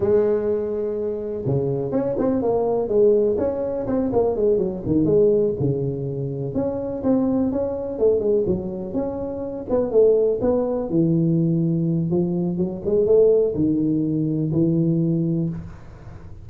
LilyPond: \new Staff \with { instrumentName = "tuba" } { \time 4/4 \tempo 4 = 124 gis2. cis4 | cis'8 c'8 ais4 gis4 cis'4 | c'8 ais8 gis8 fis8 dis8 gis4 cis8~ | cis4. cis'4 c'4 cis'8~ |
cis'8 a8 gis8 fis4 cis'4. | b8 a4 b4 e4.~ | e4 f4 fis8 gis8 a4 | dis2 e2 | }